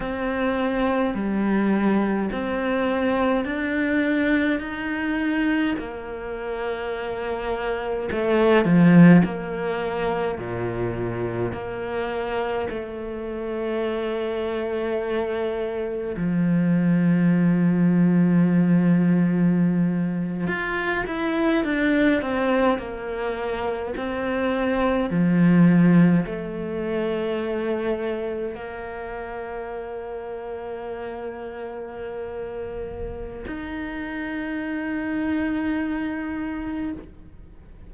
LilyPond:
\new Staff \with { instrumentName = "cello" } { \time 4/4 \tempo 4 = 52 c'4 g4 c'4 d'4 | dis'4 ais2 a8 f8 | ais4 ais,4 ais4 a4~ | a2 f2~ |
f4.~ f16 f'8 e'8 d'8 c'8 ais16~ | ais8. c'4 f4 a4~ a16~ | a8. ais2.~ ais16~ | ais4 dis'2. | }